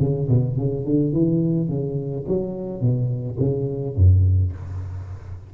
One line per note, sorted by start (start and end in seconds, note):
0.00 0.28 C#3
0.29 0.57 B2
0.57 0.85 C#3
0.85 1.13 D3
1.13 1.69 E3
1.69 2.25 C#3
2.28 2.81 F#3
2.81 3.38 B2
3.40 3.96 C#3
3.96 4.53 F#2